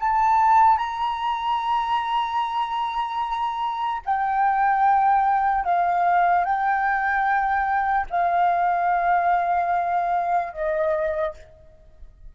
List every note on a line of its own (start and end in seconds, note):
0.00 0.77 A5
0.77 4.02 A#5
4.05 5.64 G5
5.64 6.44 F5
6.44 8.06 G5
8.10 10.53 F5
10.53 11.34 D#5